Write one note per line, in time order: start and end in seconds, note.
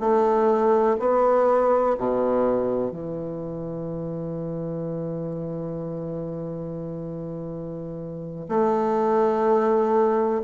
0.00 0.97 A3
0.99 1.96 B3
1.98 2.91 B2
2.91 8.47 E3
8.49 10.42 A3